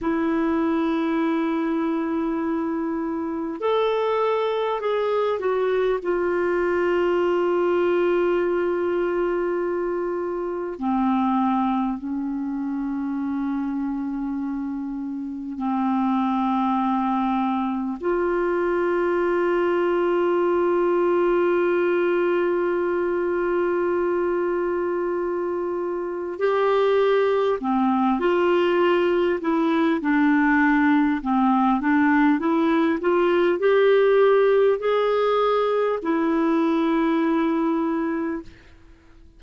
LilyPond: \new Staff \with { instrumentName = "clarinet" } { \time 4/4 \tempo 4 = 50 e'2. a'4 | gis'8 fis'8 f'2.~ | f'4 c'4 cis'2~ | cis'4 c'2 f'4~ |
f'1~ | f'2 g'4 c'8 f'8~ | f'8 e'8 d'4 c'8 d'8 e'8 f'8 | g'4 gis'4 e'2 | }